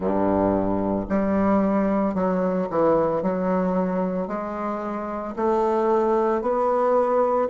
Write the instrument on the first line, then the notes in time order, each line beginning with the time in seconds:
bassoon
0.00 G2
1.09 G3
2.14 F#3
2.69 E3
3.22 F#3
4.27 G#3
5.36 A3
6.41 B3